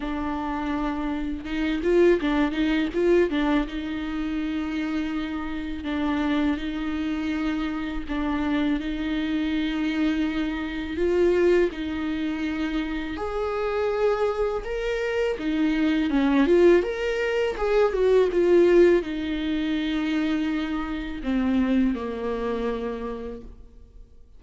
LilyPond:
\new Staff \with { instrumentName = "viola" } { \time 4/4 \tempo 4 = 82 d'2 dis'8 f'8 d'8 dis'8 | f'8 d'8 dis'2. | d'4 dis'2 d'4 | dis'2. f'4 |
dis'2 gis'2 | ais'4 dis'4 cis'8 f'8 ais'4 | gis'8 fis'8 f'4 dis'2~ | dis'4 c'4 ais2 | }